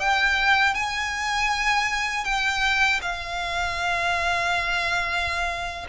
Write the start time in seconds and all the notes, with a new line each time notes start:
0.00 G5
0.75 G#5
2.25 G5
3.02 F5